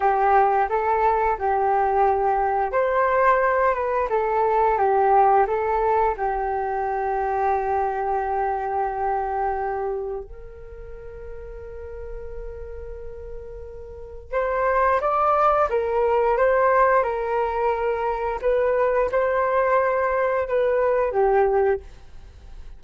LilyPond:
\new Staff \with { instrumentName = "flute" } { \time 4/4 \tempo 4 = 88 g'4 a'4 g'2 | c''4. b'8 a'4 g'4 | a'4 g'2.~ | g'2. ais'4~ |
ais'1~ | ais'4 c''4 d''4 ais'4 | c''4 ais'2 b'4 | c''2 b'4 g'4 | }